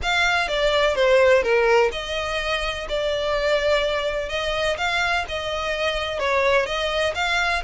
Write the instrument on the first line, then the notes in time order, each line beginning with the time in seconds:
violin
0.02 F5
0.48 D5
0.95 C5
1.42 A#4
1.92 D#5
2.88 D5
4.29 D#5
4.77 F5
5.28 D#5
6.19 C#5
6.66 D#5
7.14 F5